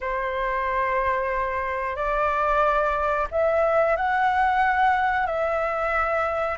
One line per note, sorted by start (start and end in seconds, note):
0.00 1.95 C5
1.95 3.27 D5
3.31 3.96 E5
3.96 5.26 F#5
5.26 6.58 E5